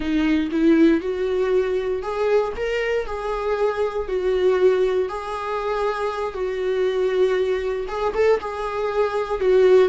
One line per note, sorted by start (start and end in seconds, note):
0.00 0.49 D#4
0.51 1.00 E4
1.00 2.02 F#4
2.02 2.53 G#4
2.56 3.06 A#4
3.06 4.07 G#4
4.07 5.08 F#4
5.08 6.33 G#4
6.33 7.86 F#4
7.88 8.13 G#4
8.14 8.39 A4
8.40 9.40 G#4
9.40 9.89 F#4